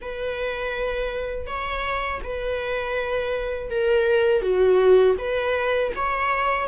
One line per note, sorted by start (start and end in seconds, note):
0.01 1.46 B4
1.46 2.20 C#5
2.23 3.70 B4
3.70 4.41 A#4
4.41 5.15 F#4
5.18 5.92 B4
5.95 6.67 C#5